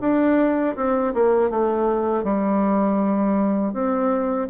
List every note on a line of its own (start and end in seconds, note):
0.00 0.75 D4
0.76 1.13 C4
1.14 1.50 A#3
1.50 2.23 A3
2.23 3.73 G3
3.73 4.48 C4